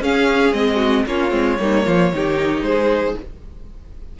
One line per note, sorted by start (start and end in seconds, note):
0.00 0.52 C#4
0.00 0.53 C#4
0.00 0.76 G#4
0.00 0.53 F5
0.52 1.05 G#3
0.52 1.06 C4
0.52 1.05 D#5
0.76 1.02 F#4
1.06 1.32 A#3
1.06 1.29 C#4
1.06 1.59 F4
1.06 2.62 C#5
1.29 1.58 G#3
1.29 1.56 C4
1.59 1.86 G3
1.59 2.12 A#3
1.59 1.86 D#4
1.86 2.11 F3
1.86 2.12 F4
2.11 2.61 D#3
2.11 3.19 D#4
2.11 2.65 G4
2.61 3.14 G#3
2.61 3.18 G#4
2.61 3.15 C5